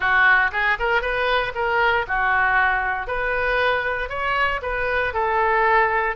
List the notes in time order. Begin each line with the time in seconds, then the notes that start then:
0.00 F#4
0.52 G#4
0.79 A#4
1.01 B4
1.54 A#4
2.07 F#4
3.07 B4
4.09 C#5
4.62 B4
5.13 A4